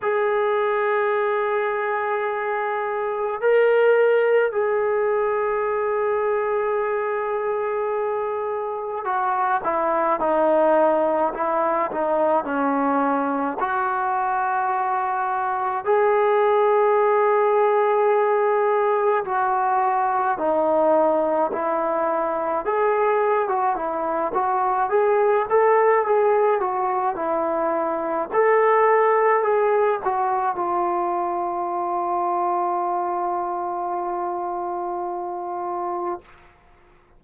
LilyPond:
\new Staff \with { instrumentName = "trombone" } { \time 4/4 \tempo 4 = 53 gis'2. ais'4 | gis'1 | fis'8 e'8 dis'4 e'8 dis'8 cis'4 | fis'2 gis'2~ |
gis'4 fis'4 dis'4 e'4 | gis'8. fis'16 e'8 fis'8 gis'8 a'8 gis'8 fis'8 | e'4 a'4 gis'8 fis'8 f'4~ | f'1 | }